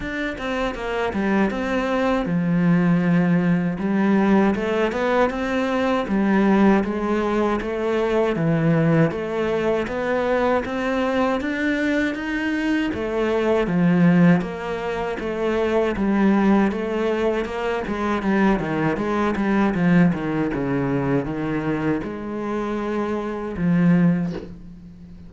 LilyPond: \new Staff \with { instrumentName = "cello" } { \time 4/4 \tempo 4 = 79 d'8 c'8 ais8 g8 c'4 f4~ | f4 g4 a8 b8 c'4 | g4 gis4 a4 e4 | a4 b4 c'4 d'4 |
dis'4 a4 f4 ais4 | a4 g4 a4 ais8 gis8 | g8 dis8 gis8 g8 f8 dis8 cis4 | dis4 gis2 f4 | }